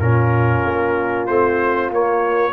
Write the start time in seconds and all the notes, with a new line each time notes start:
0.00 A#2 C#4 F4 A#4
0.65 A#3
1.27 A3 C4 C5
1.91 A#3 C#5